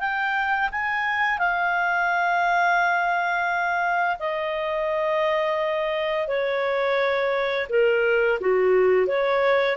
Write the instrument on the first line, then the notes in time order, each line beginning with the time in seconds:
clarinet
0.00 G5
0.72 G#5
1.39 F5
4.20 D#5
6.28 C#5
7.70 A#4
8.41 F#4
9.07 C#5